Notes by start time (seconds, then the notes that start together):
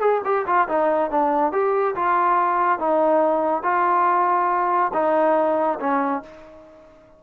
0.00 G#4
0.24 G4
0.46 F4
0.68 D#4
1.10 D4
1.52 G4
1.95 F4
2.79 D#4
3.63 F4
4.93 D#4
5.80 C#4